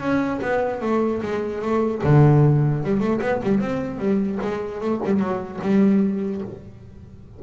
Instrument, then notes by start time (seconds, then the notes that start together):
double bass
0.00 C#4
0.41 B3
0.81 A3
1.22 G#3
1.62 A3
2.03 D3
2.83 G3
3.00 A3
3.21 B3
3.43 G3
3.60 C4
3.98 G3
4.42 G#3
4.81 A3
5.05 G3
5.19 F#3
5.61 G3